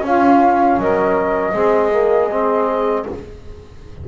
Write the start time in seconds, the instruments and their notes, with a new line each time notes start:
0.00 double bass C#4, trombone C#4, saxophone F4, flute F5
0.77 double bass F#3, saxophone A#4, flute D#5
1.53 double bass G#3, trombone C4, saxophone G#4
1.91 trombone A#3
2.31 trombone C4